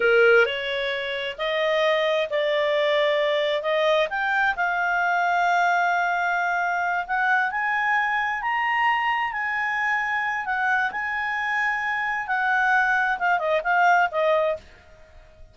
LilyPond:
\new Staff \with { instrumentName = "clarinet" } { \time 4/4 \tempo 4 = 132 ais'4 cis''2 dis''4~ | dis''4 d''2. | dis''4 g''4 f''2~ | f''2.~ f''8 fis''8~ |
fis''8 gis''2 ais''4.~ | ais''8 gis''2~ gis''8 fis''4 | gis''2. fis''4~ | fis''4 f''8 dis''8 f''4 dis''4 | }